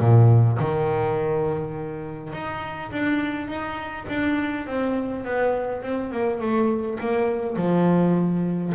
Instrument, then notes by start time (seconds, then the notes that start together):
double bass
0.00 A#2
0.59 D#3
2.33 D#4
2.91 D4
3.48 D#4
4.09 D4
4.67 C4
5.25 B3
5.83 C4
6.12 A#3
6.41 A3
7.00 A#3
7.56 F3